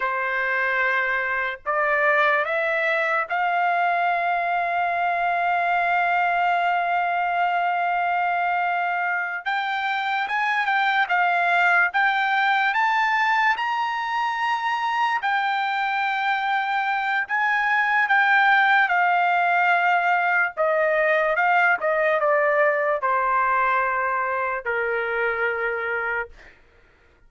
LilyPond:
\new Staff \with { instrumentName = "trumpet" } { \time 4/4 \tempo 4 = 73 c''2 d''4 e''4 | f''1~ | f''2.~ f''8 g''8~ | g''8 gis''8 g''8 f''4 g''4 a''8~ |
a''8 ais''2 g''4.~ | g''4 gis''4 g''4 f''4~ | f''4 dis''4 f''8 dis''8 d''4 | c''2 ais'2 | }